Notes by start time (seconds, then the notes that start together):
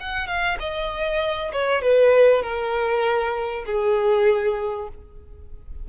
0.00 F#5
0.27 F5
0.60 D#5
1.52 C#5
1.82 B4
2.42 A#4
3.66 G#4